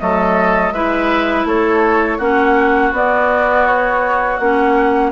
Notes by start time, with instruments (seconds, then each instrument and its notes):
0.00 bassoon F#3, clarinet A3, oboe A4, flute D#5
0.72 bassoon G#3, clarinet E4, oboe B4, flute E5
1.45 bassoon A3, oboe A4, flute C#5
2.18 bassoon A#3, clarinet C#4, oboe F#4, flute F#5
2.92 bassoon B3, clarinet B3, flute D5
3.68 flute C#5
4.38 bassoon A#3, clarinet C#4, flute F#5